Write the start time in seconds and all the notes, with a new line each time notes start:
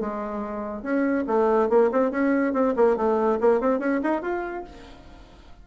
0.00 G#3
0.82 C#4
1.27 A3
1.69 A#3
1.91 C4
2.11 C#4
2.53 C4
2.76 A#3
2.96 A3
3.41 A#3
3.60 C4
3.79 C#4
4.03 D#4
4.22 F4